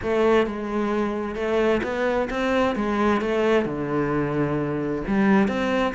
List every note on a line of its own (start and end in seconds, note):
0.02 0.46 A3
0.46 1.35 G#3
1.35 1.81 A3
1.83 2.28 B3
2.29 2.75 C4
2.75 3.21 G#3
3.21 3.65 A3
3.65 5.02 D3
5.07 5.47 G3
5.47 5.93 C4